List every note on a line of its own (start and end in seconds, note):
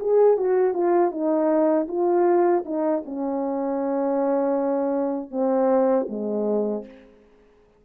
0.00 0.37 G#4
0.37 0.74 F#4
0.74 1.11 F4
1.11 1.87 D#4
1.88 2.64 F4
2.65 3.03 D#4
3.05 5.31 C#4
5.31 6.07 C4
6.09 6.85 G#3